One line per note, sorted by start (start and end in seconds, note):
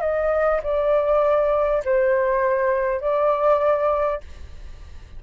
0.00 0.60 D#5
0.63 1.83 D5
1.84 3.00 C5
3.00 4.20 D5